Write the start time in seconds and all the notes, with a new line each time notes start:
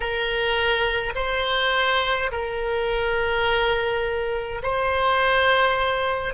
0.00 A#4
1.15 C5
2.31 A#4
4.63 C5